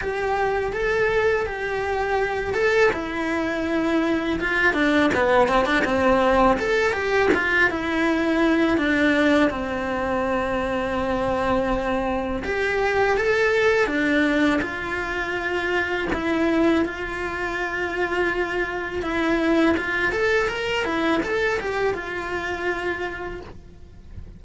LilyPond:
\new Staff \with { instrumentName = "cello" } { \time 4/4 \tempo 4 = 82 g'4 a'4 g'4. a'8 | e'2 f'8 d'8 b8 c'16 d'16 | c'4 a'8 g'8 f'8 e'4. | d'4 c'2.~ |
c'4 g'4 a'4 d'4 | f'2 e'4 f'4~ | f'2 e'4 f'8 a'8 | ais'8 e'8 a'8 g'8 f'2 | }